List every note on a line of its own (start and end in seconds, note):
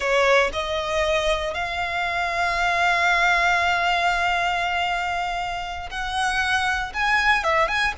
0.00 0.50 C#5
0.52 1.53 D#5
1.53 5.89 F5
5.90 6.92 F#5
6.93 7.43 G#5
7.43 7.68 E5
7.68 7.93 G#5